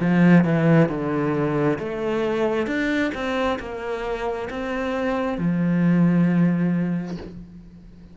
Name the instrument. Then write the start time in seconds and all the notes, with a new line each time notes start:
cello
0.00 F3
0.45 E3
0.89 D3
1.79 A3
2.67 D4
3.15 C4
3.59 A#3
4.50 C4
5.39 F3